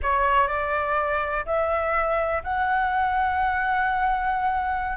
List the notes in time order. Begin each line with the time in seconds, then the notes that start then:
0.02 C#5
0.47 D5
1.45 E5
2.43 F#5